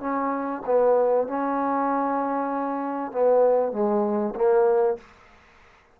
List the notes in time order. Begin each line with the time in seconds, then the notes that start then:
0.00 C#4
0.66 B3
1.27 C#4
3.12 B3
3.72 G#3
4.35 A#3